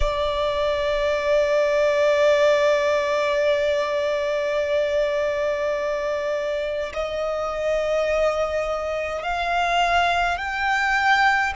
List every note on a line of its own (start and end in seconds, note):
0.00 6.92 D5
6.93 9.23 D#5
9.23 10.37 F5
10.37 11.52 G5